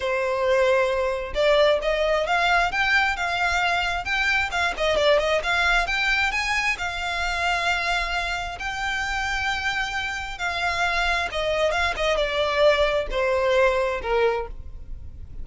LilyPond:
\new Staff \with { instrumentName = "violin" } { \time 4/4 \tempo 4 = 133 c''2. d''4 | dis''4 f''4 g''4 f''4~ | f''4 g''4 f''8 dis''8 d''8 dis''8 | f''4 g''4 gis''4 f''4~ |
f''2. g''4~ | g''2. f''4~ | f''4 dis''4 f''8 dis''8 d''4~ | d''4 c''2 ais'4 | }